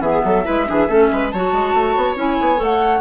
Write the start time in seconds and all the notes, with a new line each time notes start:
0.00 E3 B3 G#4 E5
0.25 F#3 A4
0.44 G#3 E4 B4
0.66 E3 D4 G#4
0.89 A3 C#4 A4
1.12 G#3 B4
1.30 F#3 F#4 C#5 A5
1.53 G#3
1.74 A3
1.96 B3
2.16 C#4 E4 G#5
2.41 B3
2.57 A3 A4
2.63 F#5